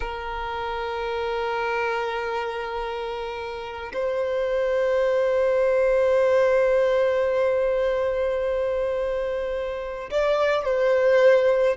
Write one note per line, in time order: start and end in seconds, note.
0.00 3.92 A#4
3.93 10.09 C5
10.10 10.64 D5
10.64 11.77 C5